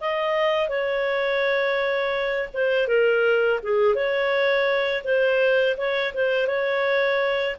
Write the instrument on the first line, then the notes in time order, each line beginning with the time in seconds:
clarinet
0.00 D#5
0.69 C#5
2.54 C5
2.88 A#4
3.63 G#4
3.95 C#5
5.04 C5
5.77 C#5
6.14 C5
6.47 C#5